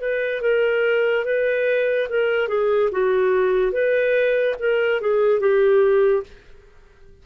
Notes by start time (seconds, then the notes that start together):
0.00 B4
0.41 A#4
1.24 B4
2.09 A#4
2.47 G#4
2.91 F#4
3.72 B4
4.59 A#4
5.00 G#4
5.39 G4